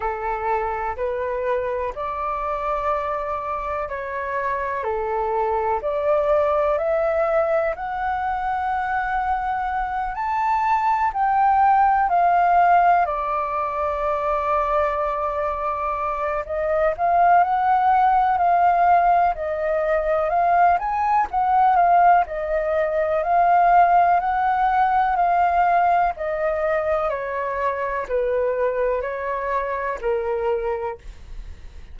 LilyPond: \new Staff \with { instrumentName = "flute" } { \time 4/4 \tempo 4 = 62 a'4 b'4 d''2 | cis''4 a'4 d''4 e''4 | fis''2~ fis''8 a''4 g''8~ | g''8 f''4 d''2~ d''8~ |
d''4 dis''8 f''8 fis''4 f''4 | dis''4 f''8 gis''8 fis''8 f''8 dis''4 | f''4 fis''4 f''4 dis''4 | cis''4 b'4 cis''4 ais'4 | }